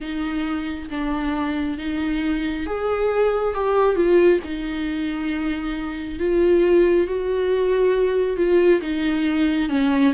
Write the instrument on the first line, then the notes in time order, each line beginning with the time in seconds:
viola
0.00 D#4
0.89 D4
1.78 D#4
2.66 G#4
3.54 G4
3.95 F4
4.44 D#4
6.19 F4
7.07 F#4
8.36 F4
8.81 D#4
9.69 C#4